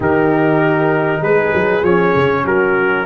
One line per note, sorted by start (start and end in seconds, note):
0.00 1.21 D#3
0.00 1.83 D#4
0.00 1.22 G4
0.00 1.23 A#4
1.21 1.52 G#3
1.21 2.44 G#4
1.21 1.84 B4
1.53 1.82 F#3
1.82 2.13 F3
1.82 3.05 C#4
1.82 2.45 C#5
2.15 2.44 C#3
2.44 3.05 F#3
2.44 3.05 F#4
2.44 3.05 A#4